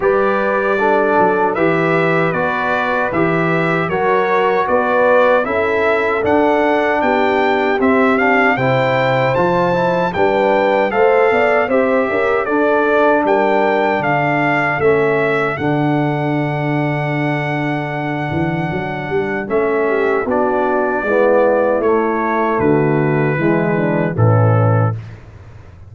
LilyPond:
<<
  \new Staff \with { instrumentName = "trumpet" } { \time 4/4 \tempo 4 = 77 d''2 e''4 d''4 | e''4 cis''4 d''4 e''4 | fis''4 g''4 e''8 f''8 g''4 | a''4 g''4 f''4 e''4 |
d''4 g''4 f''4 e''4 | fis''1~ | fis''4 e''4 d''2 | cis''4 b'2 a'4 | }
  \new Staff \with { instrumentName = "horn" } { \time 4/4 b'4 a'4 b'2~ | b'4 ais'4 b'4 a'4~ | a'4 g'2 c''4~ | c''4 b'4 c''8 d''8 c''8 ais'8 |
a'4 ais'4 a'2~ | a'1~ | a'4. g'8 fis'4 e'4~ | e'4 fis'4 e'8 d'8 cis'4 | }
  \new Staff \with { instrumentName = "trombone" } { \time 4/4 g'4 d'4 g'4 fis'4 | g'4 fis'2 e'4 | d'2 c'8 d'8 e'4 | f'8 e'8 d'4 a'4 g'4 |
d'2. cis'4 | d'1~ | d'4 cis'4 d'4 b4 | a2 gis4 e4 | }
  \new Staff \with { instrumentName = "tuba" } { \time 4/4 g4. fis8 e4 b4 | e4 fis4 b4 cis'4 | d'4 b4 c'4 c4 | f4 g4 a8 b8 c'8 cis'8 |
d'4 g4 d4 a4 | d2.~ d8 e8 | fis8 g8 a4 b4 gis4 | a4 d4 e4 a,4 | }
>>